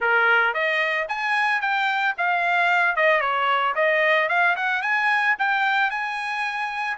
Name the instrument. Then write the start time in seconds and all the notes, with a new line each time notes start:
trumpet
0.00 A#4
0.54 D#5
1.08 G#5
1.61 G5
2.17 F5
2.96 D#5
3.20 C#5
3.75 D#5
4.28 F5
4.55 F#5
4.82 G#5
5.38 G5
5.90 G#5